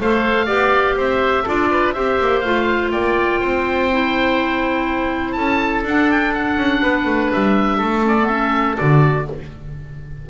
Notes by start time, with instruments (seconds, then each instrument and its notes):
0.00 double bass A3, clarinet A4, oboe C5 F5
0.46 double bass B3, clarinet G4, oboe D5
0.96 double bass C4, oboe C5 E5
1.44 double bass D4, clarinet F4, oboe A4 D5
1.71 oboe B4
1.93 double bass C4, clarinet G4, oboe C5 E5
2.21 double bass A#3
2.40 double bass A3, clarinet F4, oboe F5
2.91 double bass A#3, oboe D5 G5
3.41 double bass C4, oboe C5
3.91 clarinet E4
5.32 double bass C#4, oboe A4 A5
5.83 double bass D4, clarinet D4, oboe F#5
6.11 oboe G5
6.34 oboe F#5
6.57 double bass C#4
6.82 double bass B3, oboe B4
7.06 double bass A3
7.33 double bass G3, oboe E5
7.78 double bass A3, oboe A4
8.03 clarinet C#4, oboe D5
8.21 clarinet B3
8.27 clarinet C#4, oboe E5
8.77 double bass D3, clarinet F#4, oboe D5